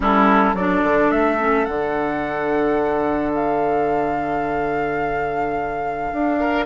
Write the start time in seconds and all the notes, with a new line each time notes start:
0.00 G3 C#4 E4 A4
0.53 F#3 A4 D5
0.59 D4
0.83 D3
1.10 A3 E5
1.39 C#4
1.65 D3 D4 F#5
3.34 F5
6.12 D4
6.39 A#4